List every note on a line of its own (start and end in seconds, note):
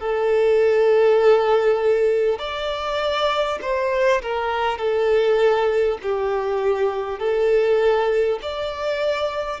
0.00 2.38 A4
2.38 3.58 D5
3.61 4.21 C5
4.22 4.78 A#4
4.78 5.98 A4
6.02 7.19 G4
7.19 8.39 A4
8.42 9.60 D5